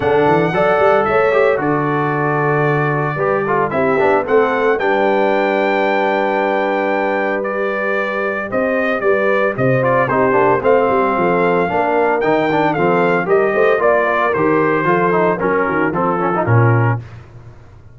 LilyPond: <<
  \new Staff \with { instrumentName = "trumpet" } { \time 4/4 \tempo 4 = 113 fis''2 e''4 d''4~ | d''2. e''4 | fis''4 g''2.~ | g''2 d''2 |
dis''4 d''4 dis''8 d''8 c''4 | f''2. g''4 | f''4 dis''4 d''4 c''4~ | c''4 ais'4 a'4 ais'4 | }
  \new Staff \with { instrumentName = "horn" } { \time 4/4 a'4 d''4 cis''4 a'4~ | a'2 b'8 a'8 g'4 | a'4 b'2.~ | b'1 |
c''4 b'4 c''4 g'4 | c''4 a'4 ais'2 | a'4 ais'8 c''8 d''8 ais'4. | a'4 ais'8 fis'8 f'2 | }
  \new Staff \with { instrumentName = "trombone" } { \time 4/4 d'4 a'4. g'8 fis'4~ | fis'2 g'8 f'8 e'8 d'8 | c'4 d'2.~ | d'2 g'2~ |
g'2~ g'8 f'8 dis'8 d'8 | c'2 d'4 dis'8 d'8 | c'4 g'4 f'4 g'4 | f'8 dis'8 cis'4 c'8 cis'16 dis'16 cis'4 | }
  \new Staff \with { instrumentName = "tuba" } { \time 4/4 d8 e8 fis8 g8 a4 d4~ | d2 g4 c'8 b8 | a4 g2.~ | g1 |
c'4 g4 c4 c'8 ais8 | a8 g8 f4 ais4 dis4 | f4 g8 a8 ais4 dis4 | f4 fis8 dis8 f4 ais,4 | }
>>